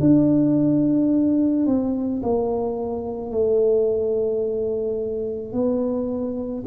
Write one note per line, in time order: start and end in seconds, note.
0.00 1.66 D4
1.66 2.21 C4
2.22 3.31 A#3
3.31 5.53 A3
5.53 6.64 B3